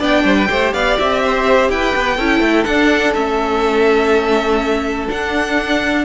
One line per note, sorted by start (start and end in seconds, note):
0.00 0.24 B3
0.00 0.49 D4
0.00 0.24 D5
0.00 0.73 G5
0.24 0.48 G3
0.24 0.37 C5
0.37 0.49 B4
0.49 0.74 A3
0.49 2.18 G4
0.49 0.74 C5
0.73 0.98 B3
0.73 1.23 D5
0.73 0.97 F5
0.99 1.70 C4
0.99 1.71 E5
1.23 1.72 C5
1.70 1.94 E4
1.70 2.17 B4
1.70 2.65 G5
1.96 2.19 B3
2.17 2.41 C#4
2.17 2.66 E4
2.17 6.04 A4
2.41 2.65 A3
2.65 3.15 D4
2.65 3.13 F#5
3.15 5.09 A3
3.15 5.09 C#4
3.15 5.08 E5
5.09 6.05 D4
5.09 6.05 F#5